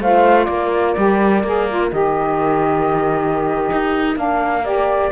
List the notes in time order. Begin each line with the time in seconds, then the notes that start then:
0.00 A3 F4 C5 F5
0.45 A#3 A#4 D5
0.96 G3 G4
1.44 A#3 G#4
1.69 F4
1.92 D#3 G4 D#5
3.72 D#4
4.15 A#3 D4 F5
4.63 G4 D5